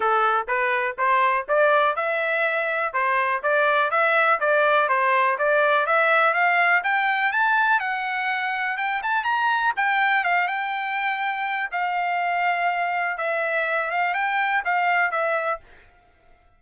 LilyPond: \new Staff \with { instrumentName = "trumpet" } { \time 4/4 \tempo 4 = 123 a'4 b'4 c''4 d''4 | e''2 c''4 d''4 | e''4 d''4 c''4 d''4 | e''4 f''4 g''4 a''4 |
fis''2 g''8 a''8 ais''4 | g''4 f''8 g''2~ g''8 | f''2. e''4~ | e''8 f''8 g''4 f''4 e''4 | }